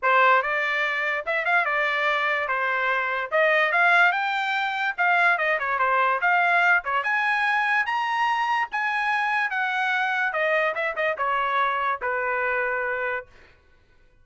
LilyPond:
\new Staff \with { instrumentName = "trumpet" } { \time 4/4 \tempo 4 = 145 c''4 d''2 e''8 f''8 | d''2 c''2 | dis''4 f''4 g''2 | f''4 dis''8 cis''8 c''4 f''4~ |
f''8 cis''8 gis''2 ais''4~ | ais''4 gis''2 fis''4~ | fis''4 dis''4 e''8 dis''8 cis''4~ | cis''4 b'2. | }